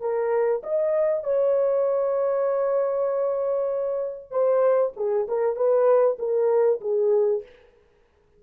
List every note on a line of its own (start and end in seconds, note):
0.00 0.62 A#4
0.63 1.23 D#5
1.23 4.30 C#5
4.30 4.92 C5
4.96 5.27 G#4
5.28 5.56 A#4
5.56 6.17 B4
6.18 6.80 A#4
6.81 7.43 G#4